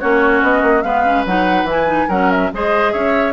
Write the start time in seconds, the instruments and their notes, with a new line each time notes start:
0.00 bassoon A#3, clarinet C#4, oboe F#4, flute C#5
0.42 bassoon B3, flute D#5
0.62 bassoon A#3
0.82 bassoon G#3, clarinet B3, oboe B4, flute F5
1.05 clarinet C#4
1.25 bassoon F#3, clarinet D#4, flute F#5
1.63 bassoon E3, clarinet E4
1.69 flute G#5
1.87 clarinet D#4
2.08 bassoon F#3, clarinet C#4, oboe A#4, flute F#5
2.31 flute E5
2.53 bassoon G#3, clarinet G#4, oboe C5, flute D#5
2.92 bassoon C#4, oboe C#5, flute E5